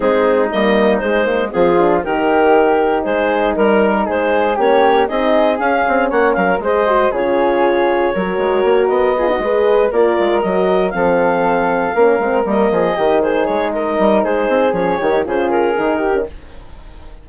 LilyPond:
<<
  \new Staff \with { instrumentName = "clarinet" } { \time 4/4 \tempo 4 = 118 gis'4 dis''4 c''4 gis'4 | ais'2 c''4 ais'4 | c''4 cis''4 dis''4 f''4 | fis''8 f''8 dis''4 cis''2~ |
cis''4. dis''2 d''8~ | d''8 dis''4 f''2~ f''8~ | f''8 dis''4. c''8 cis''8 dis''4 | c''4 cis''4 c''8 ais'4. | }
  \new Staff \with { instrumentName = "flute" } { \time 4/4 dis'2. f'4 | g'2 gis'4 ais'4 | gis'4 g'4 gis'2 | cis''8 ais'8 c''4 gis'2 |
ais'2 gis'16 fis'16 b'4 ais'8~ | ais'4. a'2 ais'8~ | ais'4 gis'8 g'8 gis'4 ais'4 | gis'4. g'8 gis'4. g'8 | }
  \new Staff \with { instrumentName = "horn" } { \time 4/4 c'4 ais4 gis8 ais8 c'8 d'8 | dis'1~ | dis'4 cis'4 dis'4 cis'4~ | cis'4 gis'8 fis'8 f'2 |
fis'2 f'16 dis'16 gis'4 f'8~ | f'8 fis'4 c'2 cis'8 | c'8 ais4 dis'2~ dis'8~ | dis'4 cis'8 dis'8 f'4 dis'8. cis'16 | }
  \new Staff \with { instrumentName = "bassoon" } { \time 4/4 gis4 g4 gis4 f4 | dis2 gis4 g4 | gis4 ais4 c'4 cis'8 c'8 | ais8 fis8 gis4 cis2 |
fis8 gis8 ais8 b4 gis4 ais8 | gis8 fis4 f2 ais8 | gis8 g8 f8 dis4 gis4 g8 | gis8 c'8 f8 dis8 cis4 dis4 | }
>>